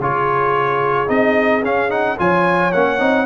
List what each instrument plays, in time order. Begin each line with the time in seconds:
0.00 tuba C#3, trombone F4, horn G#4, trumpet C#5
1.07 tuba C4, trombone D#4, trumpet D#5
1.62 tuba C#4, trombone C#4, trumpet F5
1.90 trombone D#4, trumpet F#5
2.18 tuba F3, trombone F4, horn C#5, trumpet G#5
2.72 tuba A#3, trombone C#4, trumpet F#5
2.99 tuba C4, trombone D#4